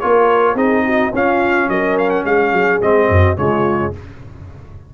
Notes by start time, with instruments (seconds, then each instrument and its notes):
0.00 tuba A#3, trombone F4, horn A#4, trumpet C#5
0.55 tuba C4, trombone D#4, horn G#4, trumpet D#5
0.85 horn F#4
1.13 tuba C#4, trombone C#4, horn F4, trumpet F5
1.68 tuba F#3, horn A#4, trumpet D#5
1.98 trumpet F5
2.10 trumpet F#5
2.25 tuba G#3, horn G#4, trumpet F5
2.53 tuba F#3
2.82 tuba G#3, trombone C4, trumpet D#5
3.09 tuba F#2, horn F#4
3.37 tuba C#3, trombone G#3, horn F4, trumpet C#5